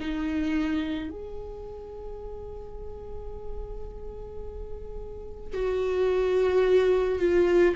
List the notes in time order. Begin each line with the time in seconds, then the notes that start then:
0.00 D#4
1.10 G#4
5.54 F#4
7.19 F4